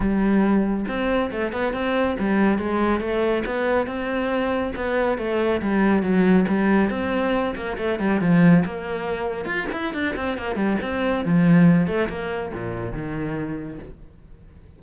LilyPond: \new Staff \with { instrumentName = "cello" } { \time 4/4 \tempo 4 = 139 g2 c'4 a8 b8 | c'4 g4 gis4 a4 | b4 c'2 b4 | a4 g4 fis4 g4 |
c'4. ais8 a8 g8 f4 | ais2 f'8 e'8 d'8 c'8 | ais8 g8 c'4 f4. a8 | ais4 ais,4 dis2 | }